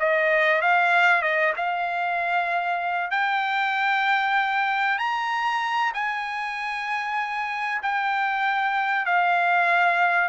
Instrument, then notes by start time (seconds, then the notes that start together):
trumpet
0.00 D#5
0.62 F5
1.22 D#5
1.57 F5
3.11 G5
4.99 A#5
5.94 G#5
7.83 G5
9.06 F5